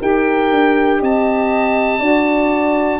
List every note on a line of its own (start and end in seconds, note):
0.00 0.51 D#4
0.00 2.00 G4
0.00 1.00 A#4
0.00 1.02 G5
0.51 1.01 D4
1.00 2.00 C4
1.00 2.00 D#5
1.00 3.00 A5
2.00 3.00 D4
2.00 3.00 F#4
2.00 3.00 D5